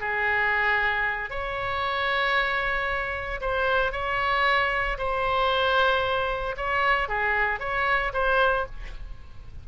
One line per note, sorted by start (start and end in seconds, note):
0.00 1.30 G#4
1.30 3.41 C#5
3.41 3.92 C5
3.92 4.98 C#5
4.98 6.56 C5
6.57 7.09 C#5
7.09 7.60 G#4
7.60 8.12 C#5
8.13 8.66 C5